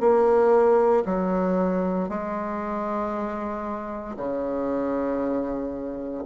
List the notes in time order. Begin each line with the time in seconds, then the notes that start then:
0.00 A#3
1.05 F#3
2.09 G#3
4.17 C#3